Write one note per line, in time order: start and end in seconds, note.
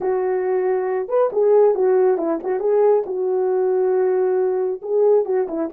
0.01 1.08 F#4
1.08 1.30 B4
1.32 1.74 G#4
1.74 2.17 F#4
2.17 2.39 E4
2.43 2.59 F#4
2.59 3.03 G#4
3.06 4.81 F#4
4.82 5.25 G#4
5.25 5.47 F#4
5.47 5.69 E4